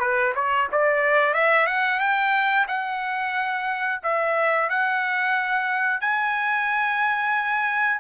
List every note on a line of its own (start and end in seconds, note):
0.00 0.33 B4
0.35 0.68 C#5
0.72 1.34 D5
1.34 1.67 E5
1.67 2.00 F#5
2.00 2.66 G5
2.68 4.01 F#5
4.03 4.69 E5
4.69 6.01 F#5
6.01 8.00 G#5